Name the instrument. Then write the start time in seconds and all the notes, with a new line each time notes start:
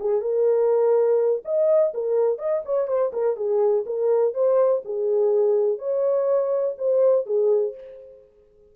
horn
0.00 G#4
0.21 A#4
1.45 D#5
1.94 A#4
2.38 D#5
2.65 C#5
2.88 C5
3.13 A#4
3.37 G#4
3.86 A#4
4.34 C5
4.85 G#4
5.78 C#5
6.78 C5
7.26 G#4